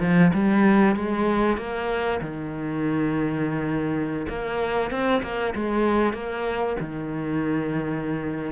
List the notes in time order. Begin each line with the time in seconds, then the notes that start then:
0.00 F3
0.33 G3
0.95 G#3
1.57 A#3
2.21 D#3
4.29 A#3
4.91 C4
5.22 A#3
5.55 G#3
6.13 A#3
6.80 D#3